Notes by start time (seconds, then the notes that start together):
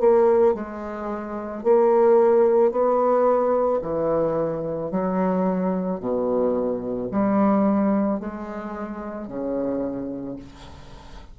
0.00 A#3
0.55 G#3
1.64 A#3
2.71 B3
3.82 E3
4.91 F#3
6.00 B2
7.11 G3
8.20 G#3
9.27 C#3